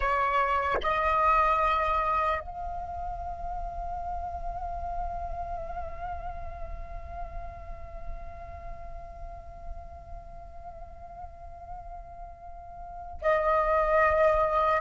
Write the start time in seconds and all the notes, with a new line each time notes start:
0.00 C#5
0.82 D#5
2.40 F5
13.21 D#5